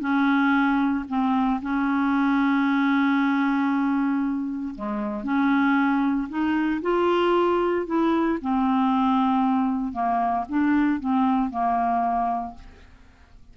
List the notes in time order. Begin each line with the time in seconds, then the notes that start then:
0.00 C#4
1.08 C4
1.62 C#4
4.75 G#3
5.24 C#4
6.29 D#4
6.82 F4
7.86 E4
8.41 C4
9.92 A#3
10.48 D4
11.00 C4
11.50 A#3